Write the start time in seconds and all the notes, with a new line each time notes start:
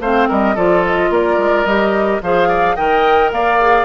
0.00 A3 C4 C5 F5
0.28 G3 A#4 D#5
0.55 F3 F4 A4 D5
0.85 D#5
1.09 A#3 A#4 D5
1.38 G#3
1.65 G3 G4 D#5
2.22 F3 G#4 C5 F5
2.48 D5
2.76 D#3 A#4 D#5 G5
3.31 A#3 D5 F5
3.60 G#4